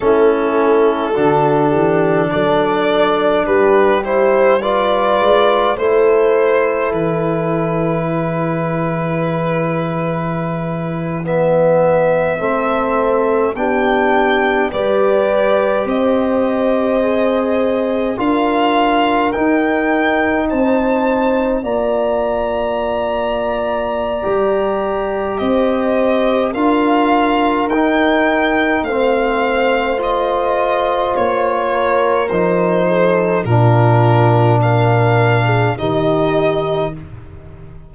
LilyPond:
<<
  \new Staff \with { instrumentName = "violin" } { \time 4/4 \tempo 4 = 52 a'2 d''4 b'8 c''8 | d''4 c''4 b'2~ | b'4.~ b'16 e''2 g''16~ | g''8. d''4 dis''2 f''16~ |
f''8. g''4 a''4 ais''4~ ais''16~ | ais''2 dis''4 f''4 | g''4 f''4 dis''4 cis''4 | c''4 ais'4 f''4 dis''4 | }
  \new Staff \with { instrumentName = "horn" } { \time 4/4 e'4 fis'8 g'8 a'4 g'4 | b'4 a'2 gis'4~ | gis'2~ gis'8. a'4 g'16~ | g'8. b'4 c''2 ais'16~ |
ais'4.~ ais'16 c''4 d''4~ d''16~ | d''2 c''4 ais'4~ | ais'4 c''2~ c''8 ais'8~ | ais'8 a'8 f'4 ais'8. gis'16 g'4 | }
  \new Staff \with { instrumentName = "trombone" } { \time 4/4 cis'4 d'2~ d'8 e'8 | f'4 e'2.~ | e'4.~ e'16 b4 c'4 d'16~ | d'8. g'2 gis'4 f'16~ |
f'8. dis'2 f'4~ f'16~ | f'4 g'2 f'4 | dis'4 c'4 f'2 | dis'4 d'2 dis'4 | }
  \new Staff \with { instrumentName = "tuba" } { \time 4/4 a4 d8 e8 fis4 g4~ | g8 gis8 a4 e2~ | e2~ e8. a4 b16~ | b8. g4 c'2 d'16~ |
d'8. dis'4 c'4 ais4~ ais16~ | ais4 g4 c'4 d'4 | dis'4 a2 ais4 | f4 ais,2 dis4 | }
>>